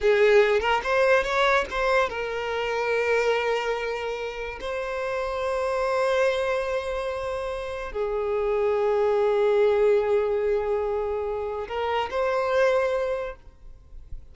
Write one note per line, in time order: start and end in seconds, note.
0.01 0.60 G#4
0.60 0.81 A#4
0.83 1.23 C5
1.23 1.65 C#5
1.70 2.09 C5
2.09 4.59 A#4
4.60 7.92 C5
7.92 11.67 G#4
11.68 12.09 A#4
12.10 13.35 C5